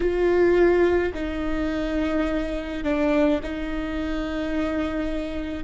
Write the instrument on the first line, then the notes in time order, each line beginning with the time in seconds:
viola
0.00 F4
1.14 D#4
2.83 D4
3.43 D#4